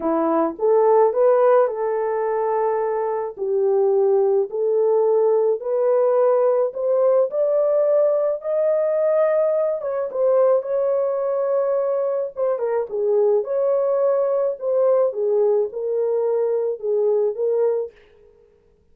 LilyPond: \new Staff \with { instrumentName = "horn" } { \time 4/4 \tempo 4 = 107 e'4 a'4 b'4 a'4~ | a'2 g'2 | a'2 b'2 | c''4 d''2 dis''4~ |
dis''4. cis''8 c''4 cis''4~ | cis''2 c''8 ais'8 gis'4 | cis''2 c''4 gis'4 | ais'2 gis'4 ais'4 | }